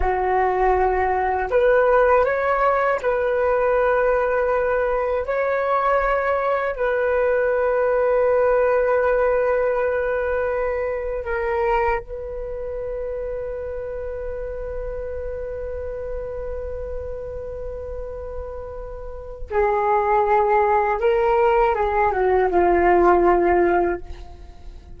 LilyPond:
\new Staff \with { instrumentName = "flute" } { \time 4/4 \tempo 4 = 80 fis'2 b'4 cis''4 | b'2. cis''4~ | cis''4 b'2.~ | b'2. ais'4 |
b'1~ | b'1~ | b'2 gis'2 | ais'4 gis'8 fis'8 f'2 | }